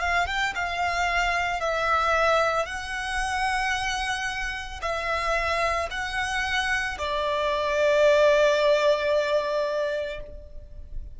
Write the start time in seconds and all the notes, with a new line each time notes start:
0.00 F5
0.26 G5
0.55 F5
1.60 E5
2.66 F#5
4.82 E5
5.91 F#5
6.98 D5